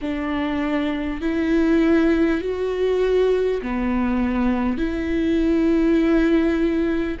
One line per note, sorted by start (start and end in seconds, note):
0.01 1.21 D4
1.21 2.41 E4
2.41 3.61 F#4
3.62 4.77 B3
4.77 7.17 E4